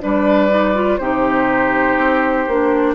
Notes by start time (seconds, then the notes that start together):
0.00 G3 D4 B4 D5
0.49 D#4
0.74 F4
0.97 C3 D#4 G4 C5
1.97 C4
2.47 A#3 D4